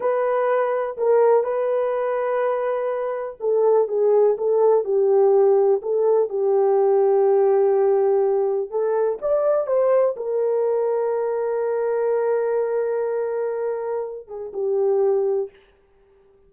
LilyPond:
\new Staff \with { instrumentName = "horn" } { \time 4/4 \tempo 4 = 124 b'2 ais'4 b'4~ | b'2. a'4 | gis'4 a'4 g'2 | a'4 g'2.~ |
g'2 a'4 d''4 | c''4 ais'2.~ | ais'1~ | ais'4. gis'8 g'2 | }